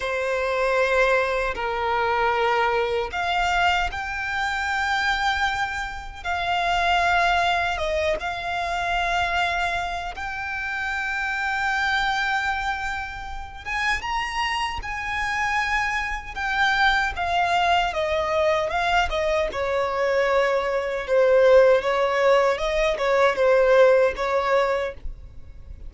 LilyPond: \new Staff \with { instrumentName = "violin" } { \time 4/4 \tempo 4 = 77 c''2 ais'2 | f''4 g''2. | f''2 dis''8 f''4.~ | f''4 g''2.~ |
g''4. gis''8 ais''4 gis''4~ | gis''4 g''4 f''4 dis''4 | f''8 dis''8 cis''2 c''4 | cis''4 dis''8 cis''8 c''4 cis''4 | }